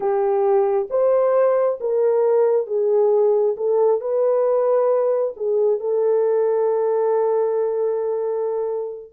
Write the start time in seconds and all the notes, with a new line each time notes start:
0.00 G4
0.89 C5
1.80 A#4
2.66 G#4
3.57 A4
4.00 B4
5.36 G#4
5.80 A4